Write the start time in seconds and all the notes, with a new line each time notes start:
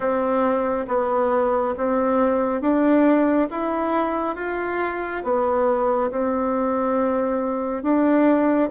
0.00 C4
0.87 B3
1.77 C4
2.61 D4
3.50 E4
4.35 F4
5.23 B3
6.10 C4
7.83 D4